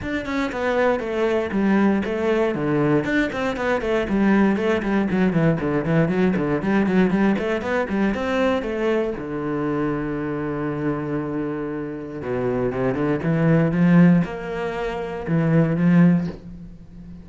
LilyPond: \new Staff \with { instrumentName = "cello" } { \time 4/4 \tempo 4 = 118 d'8 cis'8 b4 a4 g4 | a4 d4 d'8 c'8 b8 a8 | g4 a8 g8 fis8 e8 d8 e8 | fis8 d8 g8 fis8 g8 a8 b8 g8 |
c'4 a4 d2~ | d1 | b,4 c8 d8 e4 f4 | ais2 e4 f4 | }